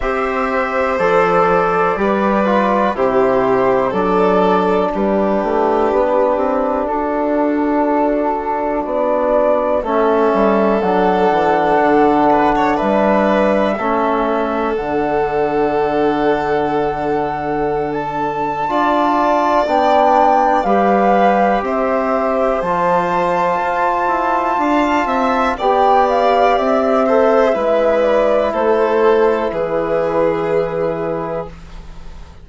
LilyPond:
<<
  \new Staff \with { instrumentName = "flute" } { \time 4/4 \tempo 4 = 61 e''4 d''2 c''4 | d''4 b'2 a'4~ | a'4 d''4 e''4 fis''4~ | fis''4 e''2 fis''4~ |
fis''2~ fis''16 a''4.~ a''16 | g''4 f''4 e''4 a''4~ | a''2 g''8 f''8 e''4~ | e''8 d''8 c''4 b'2 | }
  \new Staff \with { instrumentName = "violin" } { \time 4/4 c''2 b'4 g'4 | a'4 g'2 fis'4~ | fis'2 a'2~ | a'8 b'16 cis''16 b'4 a'2~ |
a'2. d''4~ | d''4 b'4 c''2~ | c''4 f''8 e''8 d''4. c''8 | b'4 a'4 gis'2 | }
  \new Staff \with { instrumentName = "trombone" } { \time 4/4 g'4 a'4 g'8 f'8 e'4 | d'1~ | d'2 cis'4 d'4~ | d'2 cis'4 d'4~ |
d'2. f'4 | d'4 g'2 f'4~ | f'2 g'4. a'8 | e'1 | }
  \new Staff \with { instrumentName = "bassoon" } { \time 4/4 c'4 f4 g4 c4 | fis4 g8 a8 b8 c'8 d'4~ | d'4 b4 a8 g8 fis8 e8 | d4 g4 a4 d4~ |
d2. d'4 | b4 g4 c'4 f4 | f'8 e'8 d'8 c'8 b4 c'4 | gis4 a4 e2 | }
>>